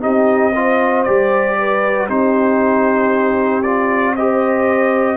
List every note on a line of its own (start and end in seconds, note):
0.00 1.06 C4
0.00 0.52 D#4
0.00 0.53 G4
0.00 1.03 D#5
0.55 1.06 F4
0.55 1.58 C5
1.03 2.08 G3
1.03 2.08 G4
1.03 2.07 D5
1.58 2.08 B4
2.08 5.17 C4
2.08 3.63 D#4
2.08 4.15 G4
2.08 3.62 C5
3.62 4.16 F4
3.62 4.14 D5
4.16 5.17 G4
4.16 5.17 C5
4.16 5.17 D#5